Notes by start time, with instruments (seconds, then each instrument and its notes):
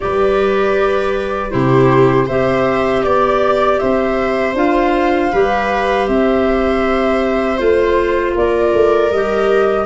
0.00 tuba G3, clarinet G4, viola B4, flute D5
1.50 tuba C3, clarinet E4, viola G4, flute C5
2.26 tuba C4, clarinet G4, viola C5, flute E5
3.03 tuba B3, flute D5, viola D5
3.78 tuba C4, viola C5, flute E5
4.54 tuba D4, clarinet F4, flute F5
5.32 tuba G3, clarinet G4, viola B4
6.07 tuba C4, viola C5, flute E5
7.57 tuba A3, clarinet F4, flute C5
8.34 tuba A#3, viola A#4, flute D5
8.73 tuba A3
9.11 tuba G3, clarinet G4, flute D#5